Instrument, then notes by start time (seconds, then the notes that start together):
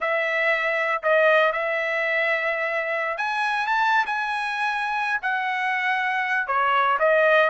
trumpet
0.00 E5
1.02 D#5
1.52 E5
3.17 G#5
3.67 A5
4.06 G#5
5.22 F#5
6.47 C#5
6.99 D#5